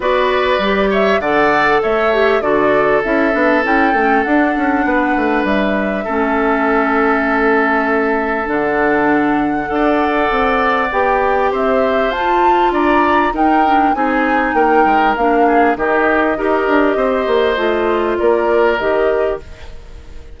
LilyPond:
<<
  \new Staff \with { instrumentName = "flute" } { \time 4/4 \tempo 4 = 99 d''4. e''8 fis''4 e''4 | d''4 e''4 g''4 fis''4~ | fis''4 e''2.~ | e''2 fis''2~ |
fis''2 g''4 e''4 | a''4 ais''4 g''4 gis''4 | g''4 f''4 dis''2~ | dis''2 d''4 dis''4 | }
  \new Staff \with { instrumentName = "oboe" } { \time 4/4 b'4. cis''8 d''4 cis''4 | a'1 | b'2 a'2~ | a'1 |
d''2. c''4~ | c''4 d''4 ais'4 gis'4 | ais'4. gis'8 g'4 ais'4 | c''2 ais'2 | }
  \new Staff \with { instrumentName = "clarinet" } { \time 4/4 fis'4 g'4 a'4. g'8 | fis'4 e'8 d'8 e'8 cis'8 d'4~ | d'2 cis'2~ | cis'2 d'2 |
a'2 g'2 | f'2 dis'8 d'8 dis'4~ | dis'4 d'4 dis'4 g'4~ | g'4 f'2 g'4 | }
  \new Staff \with { instrumentName = "bassoon" } { \time 4/4 b4 g4 d4 a4 | d4 cis'8 b8 cis'8 a8 d'8 cis'8 | b8 a8 g4 a2~ | a2 d2 |
d'4 c'4 b4 c'4 | f'4 d'4 dis'4 c'4 | ais8 gis8 ais4 dis4 dis'8 d'8 | c'8 ais8 a4 ais4 dis4 | }
>>